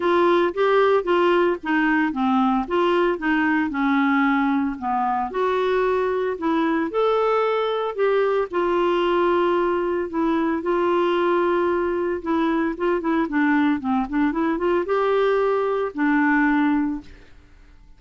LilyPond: \new Staff \with { instrumentName = "clarinet" } { \time 4/4 \tempo 4 = 113 f'4 g'4 f'4 dis'4 | c'4 f'4 dis'4 cis'4~ | cis'4 b4 fis'2 | e'4 a'2 g'4 |
f'2. e'4 | f'2. e'4 | f'8 e'8 d'4 c'8 d'8 e'8 f'8 | g'2 d'2 | }